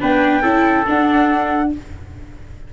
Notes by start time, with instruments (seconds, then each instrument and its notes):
0.00 tuba B3, viola D4, trumpet B4, flute G5
0.42 tuba C#4, viola E4, trumpet A4
0.86 viola D4, tuba D4, flute F#5